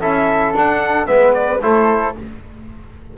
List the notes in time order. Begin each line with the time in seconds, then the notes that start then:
0.00 C#4 E4 A4 E5
0.53 D4 F#5
1.05 G#3 B3 B4 E5
1.34 D5
1.61 A3 E4 A4 C5